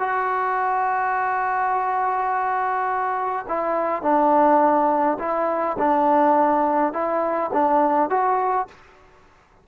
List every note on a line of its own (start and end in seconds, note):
0.00 3.46 F#4
3.49 4.03 E4
4.03 5.18 D4
5.19 5.77 E4
5.79 6.93 D4
6.93 7.51 E4
7.53 8.10 D4
8.10 8.68 F#4